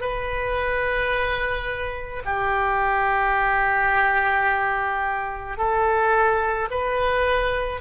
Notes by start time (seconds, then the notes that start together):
0.00 B4
2.25 G4
5.57 A4
6.70 B4